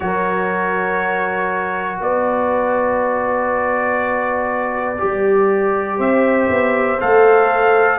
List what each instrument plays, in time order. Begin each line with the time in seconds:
0.00 tuba F#3, trombone F#4, horn A#4, trumpet C#5
2.00 tuba B3, horn B4, trumpet D5
4.98 tuba G3, trombone G4
5.97 tuba C4, horn C5, trumpet E5
6.48 tuba B3
7.00 tuba A3, trombone A4, trumpet F5